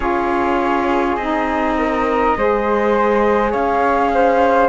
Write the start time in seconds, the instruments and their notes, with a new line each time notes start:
0.00 cello C#4, saxophone F4, flute G#4 C#5
1.16 cello C4, saxophone D#4, flute D#5
1.78 flute A#4
2.37 cello G#3, saxophone G#4, flute C5
3.51 cello C#4, flute C#5 F5
4.13 flute C5